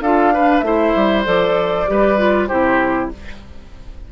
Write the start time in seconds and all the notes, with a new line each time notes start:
0.00 D4 F4 A4 F5
0.34 D4 B4
0.60 A3 E4 E5
0.66 C5
0.95 G3
1.25 F3 A4 D5
1.87 G3 G4 B4
2.17 F4
2.47 C3 E4 G4 C5